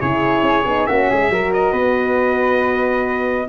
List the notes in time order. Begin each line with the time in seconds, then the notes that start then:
0.00 C#3 E4 G#4 C#5
0.42 C#4
0.65 B3 D#4
0.86 A#3 C#4 F#4 E5
1.09 G#3 G#4
1.29 F#3 F#4 A#4
1.53 D#5
1.72 B3 B4